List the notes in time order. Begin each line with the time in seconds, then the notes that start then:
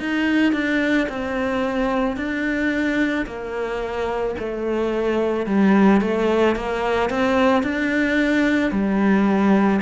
0.00 D#4
0.53 D4
1.09 C4
2.17 D4
3.27 A#3
4.39 A3
5.46 G3
6.01 A3
6.56 A#3
7.10 C4
7.63 D4
8.72 G3